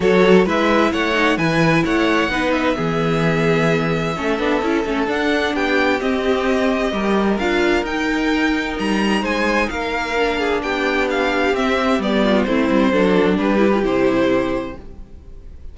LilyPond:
<<
  \new Staff \with { instrumentName = "violin" } { \time 4/4 \tempo 4 = 130 cis''4 e''4 fis''4 gis''4 | fis''4. e''2~ e''8~ | e''2. fis''4 | g''4 dis''2. |
f''4 g''2 ais''4 | gis''4 f''2 g''4 | f''4 e''4 d''4 c''4~ | c''4 b'4 c''2 | }
  \new Staff \with { instrumentName = "violin" } { \time 4/4 a'4 b'4 cis''4 b'4 | cis''4 b'4 gis'2~ | gis'4 a'2. | g'2. ais'4~ |
ais'1 | c''4 ais'4. gis'8 g'4~ | g'2~ g'8 f'8 e'4 | a'4 g'2. | }
  \new Staff \with { instrumentName = "viola" } { \time 4/4 fis'4 e'4. dis'8 e'4~ | e'4 dis'4 b2~ | b4 cis'8 d'8 e'8 cis'8 d'4~ | d'4 c'2 g'4 |
f'4 dis'2.~ | dis'2 d'2~ | d'4 c'4 b4 c'4 | d'4. e'16 f'16 e'2 | }
  \new Staff \with { instrumentName = "cello" } { \time 4/4 fis4 gis4 a4 e4 | a4 b4 e2~ | e4 a8 b8 cis'8 a8 d'4 | b4 c'2 g4 |
d'4 dis'2 g4 | gis4 ais2 b4~ | b4 c'4 g4 a8 g8 | fis4 g4 c2 | }
>>